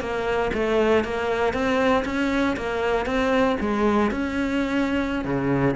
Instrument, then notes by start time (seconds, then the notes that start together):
cello
0.00 A#3
0.53 A3
1.04 A#3
1.53 C4
2.05 C#4
2.56 A#3
3.05 C4
3.60 G#3
4.10 C#4
5.24 C#3